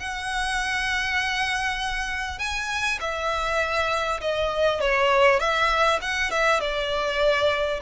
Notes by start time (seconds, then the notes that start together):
0.00 F#5
2.39 G#5
3.01 E5
4.21 D#5
4.81 C#5
5.40 E5
6.02 F#5
6.31 E5
6.61 D5